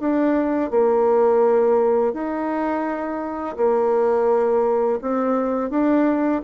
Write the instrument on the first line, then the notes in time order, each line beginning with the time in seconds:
bassoon
0.00 D4
0.70 A#3
2.14 D#4
3.57 A#3
5.01 C4
5.70 D4